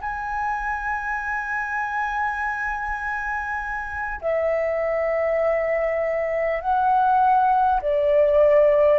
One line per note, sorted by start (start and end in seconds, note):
0.00 4.20 G#5
4.21 6.61 E5
6.61 7.81 F#5
7.81 8.98 D5